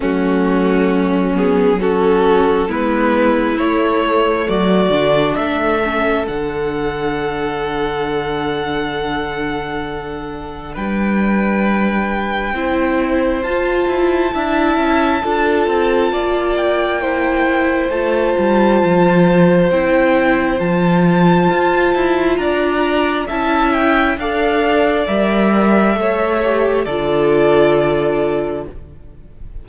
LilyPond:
<<
  \new Staff \with { instrumentName = "violin" } { \time 4/4 \tempo 4 = 67 fis'4. gis'8 a'4 b'4 | cis''4 d''4 e''4 fis''4~ | fis''1 | g''2. a''4~ |
a''2~ a''8 g''4. | a''2 g''4 a''4~ | a''4 ais''4 a''8 g''8 f''4 | e''2 d''2 | }
  \new Staff \with { instrumentName = "violin" } { \time 4/4 cis'2 fis'4 e'4~ | e'4 fis'4 a'2~ | a'1 | b'2 c''2 |
e''4 a'4 d''4 c''4~ | c''1~ | c''4 d''4 e''4 d''4~ | d''4 cis''4 a'2 | }
  \new Staff \with { instrumentName = "viola" } { \time 4/4 a4. b8 cis'4 b4 | a4. d'4 cis'8 d'4~ | d'1~ | d'2 e'4 f'4 |
e'4 f'2 e'4 | f'2 e'4 f'4~ | f'2 e'4 a'4 | ais'4 a'8 g'8 f'2 | }
  \new Staff \with { instrumentName = "cello" } { \time 4/4 fis2. gis4 | a4 fis8 d8 a4 d4~ | d1 | g2 c'4 f'8 e'8 |
d'8 cis'8 d'8 c'8 ais2 | a8 g8 f4 c'4 f4 | f'8 e'8 d'4 cis'4 d'4 | g4 a4 d2 | }
>>